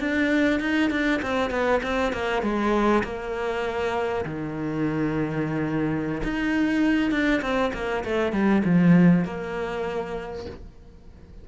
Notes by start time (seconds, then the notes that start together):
0.00 D4
0.60 D#4
0.90 D4
1.22 C4
1.50 B3
1.83 C4
2.13 A#3
2.42 G#3
3.04 A#3
4.25 D#3
6.23 D#4
7.11 D4
7.42 C4
7.74 A#3
8.04 A3
8.32 G3
8.64 F3
9.25 A#3